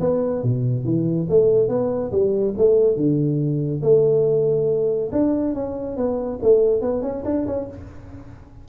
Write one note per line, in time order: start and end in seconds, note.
0.00 0.43 B3
0.43 0.85 B2
0.85 1.27 E3
1.29 1.68 A3
1.68 2.11 B3
2.11 2.54 G3
2.57 2.96 A3
2.96 3.81 D3
3.82 5.10 A3
5.12 5.54 D4
5.54 5.96 C#4
5.96 6.39 B3
6.42 6.81 A3
6.81 7.02 B3
7.02 7.23 C#4
7.24 7.46 D4
7.46 7.68 C#4